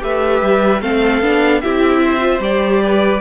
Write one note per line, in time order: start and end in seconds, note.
0.00 0.42 A3
0.00 0.80 G4
0.00 0.82 B4
0.00 0.82 E5
0.42 0.82 G3
0.82 1.21 A3
0.82 1.23 C4
0.82 1.62 A4
0.82 1.61 F5
1.21 1.61 B3
1.21 1.63 D4
1.61 2.40 C4
1.61 2.20 E4
1.61 2.03 G4
1.61 2.41 E5
2.03 2.83 C5
2.20 2.40 F4
2.40 3.20 G3
2.40 3.21 G4
2.40 3.21 D5
2.84 3.21 B4